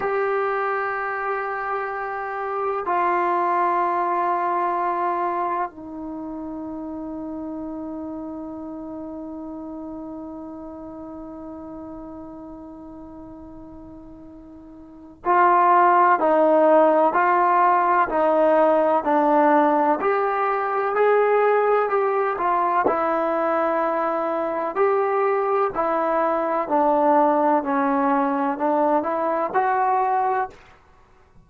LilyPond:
\new Staff \with { instrumentName = "trombone" } { \time 4/4 \tempo 4 = 63 g'2. f'4~ | f'2 dis'2~ | dis'1~ | dis'1 |
f'4 dis'4 f'4 dis'4 | d'4 g'4 gis'4 g'8 f'8 | e'2 g'4 e'4 | d'4 cis'4 d'8 e'8 fis'4 | }